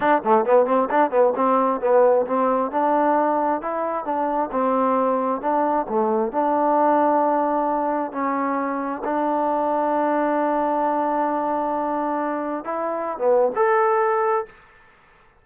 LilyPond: \new Staff \with { instrumentName = "trombone" } { \time 4/4 \tempo 4 = 133 d'8 a8 b8 c'8 d'8 b8 c'4 | b4 c'4 d'2 | e'4 d'4 c'2 | d'4 a4 d'2~ |
d'2 cis'2 | d'1~ | d'1 | e'4~ e'16 b8. a'2 | }